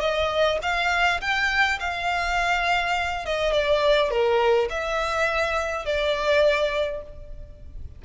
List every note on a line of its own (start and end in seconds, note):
0.00 0.58 D#5
0.62 1.20 F5
1.21 1.79 G5
1.80 3.25 F5
3.25 3.52 D#5
3.52 4.10 D5
4.10 4.69 A#4
4.70 5.85 E5
5.85 7.02 D5